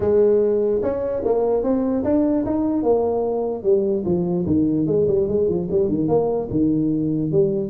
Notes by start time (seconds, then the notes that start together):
0.00 G#3
0.82 C#4
1.25 A#3
1.63 C4
2.04 D4
2.45 D#4
2.82 A#3
3.63 G3
4.05 F3
4.46 D#3
4.86 G#3
5.07 G3
5.28 G#3
5.48 F3
5.70 G3
5.88 D#3
6.08 A#3
6.50 D#3
7.31 G3